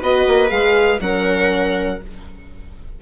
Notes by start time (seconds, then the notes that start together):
0.00 B3 F#4 B4 D#5
0.27 A#3
0.48 G#3 G#4 F5
1.00 F#3 C#4 A#4 F#5